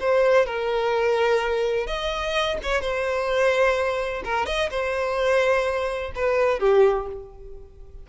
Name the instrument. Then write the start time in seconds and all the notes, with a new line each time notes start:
violin
0.00 C5
0.46 A#4
1.87 D#5
2.63 C#5
2.81 C5
4.25 A#4
4.46 D#5
4.70 C5
6.15 B4
6.60 G4